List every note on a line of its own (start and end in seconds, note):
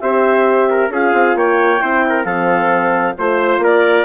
0.00 0.89 C4
0.00 0.91 G4
0.00 0.70 C5
0.00 0.90 E5
0.70 0.92 A#4
0.89 1.12 C#4
0.89 1.79 F4
0.89 1.37 G#4
0.89 1.37 F5
1.13 1.35 C4
1.35 1.80 A#3
1.35 1.82 C#5
1.35 2.24 G5
1.79 2.25 C4
1.79 2.25 E4
1.79 2.05 C5
2.09 2.25 A#4
2.24 3.15 F3
2.24 3.15 C4
2.24 3.16 A4
2.24 3.14 F5
3.17 3.58 A3
3.17 4.05 F4
3.17 3.63 C5
3.58 4.03 A#3
3.58 4.05 A#4
3.58 4.05 D5